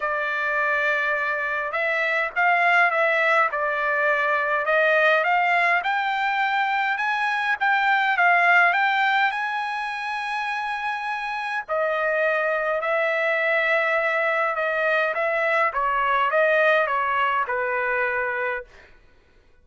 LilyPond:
\new Staff \with { instrumentName = "trumpet" } { \time 4/4 \tempo 4 = 103 d''2. e''4 | f''4 e''4 d''2 | dis''4 f''4 g''2 | gis''4 g''4 f''4 g''4 |
gis''1 | dis''2 e''2~ | e''4 dis''4 e''4 cis''4 | dis''4 cis''4 b'2 | }